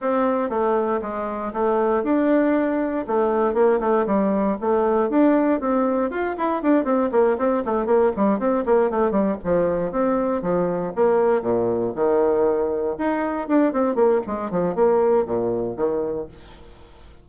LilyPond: \new Staff \with { instrumentName = "bassoon" } { \time 4/4 \tempo 4 = 118 c'4 a4 gis4 a4 | d'2 a4 ais8 a8 | g4 a4 d'4 c'4 | f'8 e'8 d'8 c'8 ais8 c'8 a8 ais8 |
g8 c'8 ais8 a8 g8 f4 c'8~ | c'8 f4 ais4 ais,4 dis8~ | dis4. dis'4 d'8 c'8 ais8 | gis8 f8 ais4 ais,4 dis4 | }